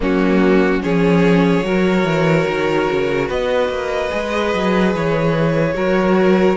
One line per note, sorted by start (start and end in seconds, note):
0.00 0.83 F#3
0.00 0.80 A#3
0.00 0.83 C#4
0.00 0.82 F#4
0.82 1.63 F3
0.82 1.64 C#4
0.82 1.65 G#4
0.82 3.29 C#5
1.63 2.04 F#3
1.63 4.10 F#4
1.63 3.27 A#4
2.04 2.45 E3
2.47 2.88 D#3
2.90 3.29 C#3
3.27 3.68 B3
3.27 5.74 B4
3.27 4.94 D#5
3.68 4.10 A#3
4.10 4.54 G#3
4.10 5.73 G#4
4.54 4.94 F#3
4.94 5.74 E3
4.94 6.57 C#5
5.73 6.56 F#3
5.73 6.56 F#4
5.73 6.57 A#4